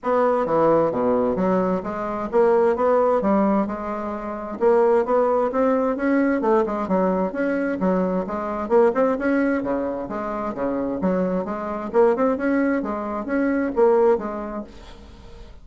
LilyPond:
\new Staff \with { instrumentName = "bassoon" } { \time 4/4 \tempo 4 = 131 b4 e4 b,4 fis4 | gis4 ais4 b4 g4 | gis2 ais4 b4 | c'4 cis'4 a8 gis8 fis4 |
cis'4 fis4 gis4 ais8 c'8 | cis'4 cis4 gis4 cis4 | fis4 gis4 ais8 c'8 cis'4 | gis4 cis'4 ais4 gis4 | }